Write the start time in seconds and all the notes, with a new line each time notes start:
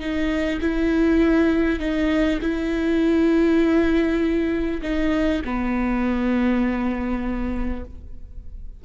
0.00 D#4
0.61 E4
1.80 D#4
2.42 E4
4.82 D#4
5.45 B3